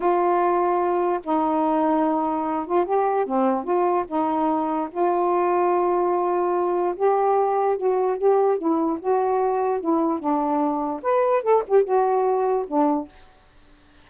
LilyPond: \new Staff \with { instrumentName = "saxophone" } { \time 4/4 \tempo 4 = 147 f'2. dis'4~ | dis'2~ dis'8 f'8 g'4 | c'4 f'4 dis'2 | f'1~ |
f'4 g'2 fis'4 | g'4 e'4 fis'2 | e'4 d'2 b'4 | a'8 g'8 fis'2 d'4 | }